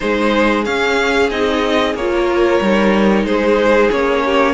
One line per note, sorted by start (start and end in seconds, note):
0.00 0.66 G#3
0.00 0.64 D#4
0.00 2.13 G#4
0.00 0.64 C5
0.64 1.29 C#4
0.64 1.30 C#4
0.64 1.30 F5
1.30 1.94 C4
1.30 1.96 D#4
1.30 1.95 D#5
1.94 2.59 A#3
1.94 3.25 C#5
2.00 2.63 F4
2.14 3.26 A#4
2.60 3.24 G3
2.60 3.90 D#4
3.24 3.89 G#3
3.24 4.24 G#4
3.24 3.90 C5
3.90 4.53 A#3
3.90 4.53 C#4
3.90 4.53 C#5
4.25 4.53 G4